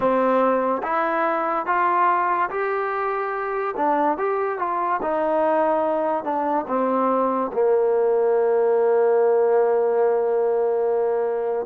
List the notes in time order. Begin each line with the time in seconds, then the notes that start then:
0.00 C4
0.82 E4
1.66 F4
2.50 G4
3.76 D4
4.17 G4
4.58 F4
5.02 D#4
6.23 D4
6.67 C4
7.53 A#3